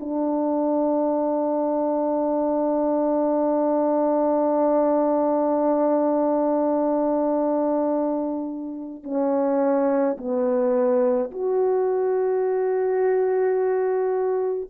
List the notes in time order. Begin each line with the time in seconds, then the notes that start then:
0.00 D4
9.04 C#4
10.17 B3
11.31 F#4